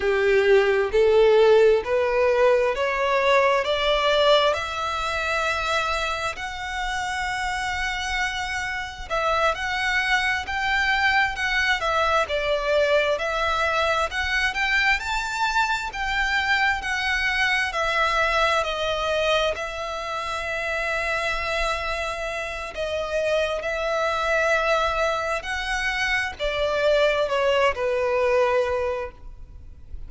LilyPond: \new Staff \with { instrumentName = "violin" } { \time 4/4 \tempo 4 = 66 g'4 a'4 b'4 cis''4 | d''4 e''2 fis''4~ | fis''2 e''8 fis''4 g''8~ | g''8 fis''8 e''8 d''4 e''4 fis''8 |
g''8 a''4 g''4 fis''4 e''8~ | e''8 dis''4 e''2~ e''8~ | e''4 dis''4 e''2 | fis''4 d''4 cis''8 b'4. | }